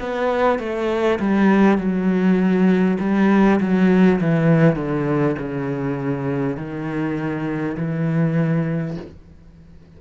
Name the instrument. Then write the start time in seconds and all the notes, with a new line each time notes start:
cello
0.00 B3
0.59 A3
1.19 G3
1.78 F#3
2.99 G3
3.60 F#3
4.21 E3
4.76 D3
5.39 C#3
6.57 D#3
7.77 E3